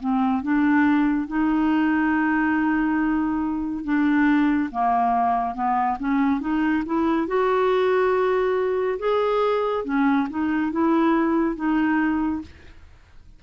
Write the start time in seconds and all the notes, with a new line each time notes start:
0.00 C4
0.43 D4
1.27 D#4
3.85 D4
4.71 A#3
5.55 B3
6.00 C#4
6.41 D#4
6.86 E4
7.27 F#4
8.99 G#4
9.85 C#4
10.30 D#4
10.72 E4
11.56 D#4